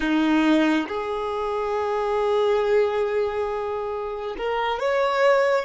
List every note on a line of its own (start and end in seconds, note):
0.00 0.87 D#4
0.88 4.36 G#4
4.37 4.79 A#4
4.79 5.65 C#5